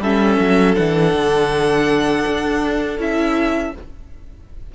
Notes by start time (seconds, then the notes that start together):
0.00 G3 C#4 A4 E5
0.40 F#3
0.75 E3 D4 F#5
1.14 D3
2.26 D4
2.99 C#4 E4 E5